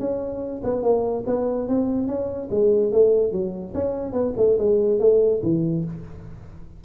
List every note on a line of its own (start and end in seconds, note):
0.00 0.62 C#4
0.64 0.83 B3
0.83 1.24 A#3
1.27 1.68 B3
1.68 2.07 C4
2.07 2.49 C#4
2.51 2.92 G#3
2.92 3.32 A3
3.32 3.74 F#3
3.74 4.13 C#4
4.13 4.33 B3
4.37 4.58 A3
4.59 5.00 G#3
5.00 5.41 A3
5.43 5.85 E3